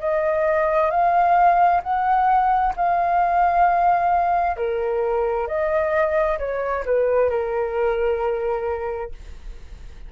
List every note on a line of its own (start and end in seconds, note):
0.00 0.91 D#5
0.91 1.82 F5
1.83 2.74 F#5
2.76 4.57 F5
4.57 5.48 A#4
5.48 6.38 D#5
6.39 6.84 C#5
6.86 7.30 B4
7.30 9.12 A#4